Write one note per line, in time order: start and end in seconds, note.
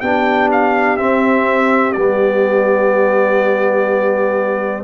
0.00 0.98 B3
0.00 0.98 D4
0.00 4.83 G4
0.00 0.48 G5
0.51 0.96 F5
0.96 1.94 C4
0.96 1.96 C4
0.96 1.92 E5
1.92 4.83 G3
1.92 4.83 B3
1.92 4.82 D5